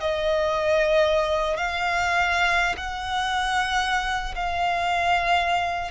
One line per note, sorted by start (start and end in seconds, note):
0.00 1.57 D#5
1.57 2.75 F5
2.76 4.34 F#5
4.35 5.91 F5